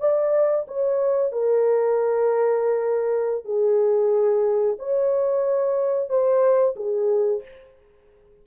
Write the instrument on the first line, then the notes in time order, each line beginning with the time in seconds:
horn
0.00 D5
0.68 C#5
1.32 A#4
3.45 G#4
4.79 C#5
6.09 C5
6.76 G#4